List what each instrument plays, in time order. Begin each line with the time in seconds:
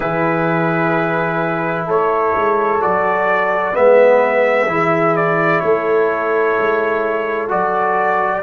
0.00 tuba E3, trombone E4, horn G#4, trumpet B4
1.86 tuba A3, horn A4, trumpet C#5
2.35 tuba G#3
2.80 tuba F#3, trombone F#4, trumpet D5
3.73 tuba G#3, trombone B3, horn B4, trumpet E5
4.66 tuba E3, trombone E4, horn G#4
5.16 trumpet D5
5.60 tuba A3, horn A4, trumpet C#5
6.59 tuba G#3
7.48 tuba F#3, trombone F#4, trumpet D5